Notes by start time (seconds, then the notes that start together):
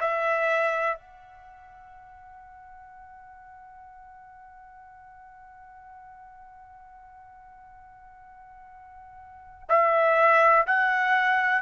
0.00 E5
0.97 F#5
9.69 E5
10.67 F#5